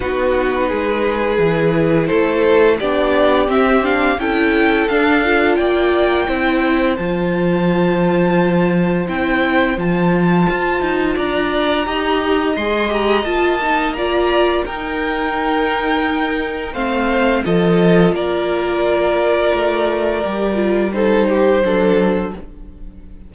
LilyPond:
<<
  \new Staff \with { instrumentName = "violin" } { \time 4/4 \tempo 4 = 86 b'2. c''4 | d''4 e''8 f''8 g''4 f''4 | g''2 a''2~ | a''4 g''4 a''2 |
ais''2 c'''8 ais''8 a''4 | ais''4 g''2. | f''4 dis''4 d''2~ | d''2 c''2 | }
  \new Staff \with { instrumentName = "violin" } { \time 4/4 fis'4 gis'2 a'4 | g'2 a'2 | d''4 c''2.~ | c''1 |
d''4 dis''2. | d''4 ais'2. | c''4 a'4 ais'2~ | ais'2 a'8 g'8 a'4 | }
  \new Staff \with { instrumentName = "viola" } { \time 4/4 dis'2 e'2 | d'4 c'8 d'8 e'4 d'8 f'8~ | f'4 e'4 f'2~ | f'4 e'4 f'2~ |
f'4 g'4 gis'8 g'8 f'8 dis'8 | f'4 dis'2. | c'4 f'2.~ | f'4 g'8 f'8 dis'4 d'4 | }
  \new Staff \with { instrumentName = "cello" } { \time 4/4 b4 gis4 e4 a4 | b4 c'4 cis'4 d'4 | ais4 c'4 f2~ | f4 c'4 f4 f'8 dis'8 |
d'4 dis'4 gis4 ais4~ | ais4 dis'2. | a4 f4 ais2 | a4 g2 fis4 | }
>>